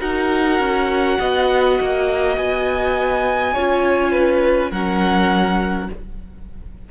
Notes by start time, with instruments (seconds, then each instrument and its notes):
0.00 cello D#4, viola F#4, violin A#4 F#5
0.59 cello C#4
1.20 cello B3, violin D#5
1.81 cello A#3
2.37 cello B3, violin G#5
3.54 cello C#4, viola F4, violin C#5
4.12 violin B4
4.71 cello F#3, viola C#4, violin A#4 F#5